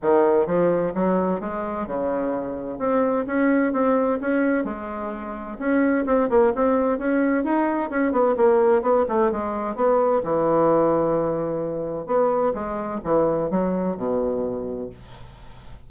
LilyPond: \new Staff \with { instrumentName = "bassoon" } { \time 4/4 \tempo 4 = 129 dis4 f4 fis4 gis4 | cis2 c'4 cis'4 | c'4 cis'4 gis2 | cis'4 c'8 ais8 c'4 cis'4 |
dis'4 cis'8 b8 ais4 b8 a8 | gis4 b4 e2~ | e2 b4 gis4 | e4 fis4 b,2 | }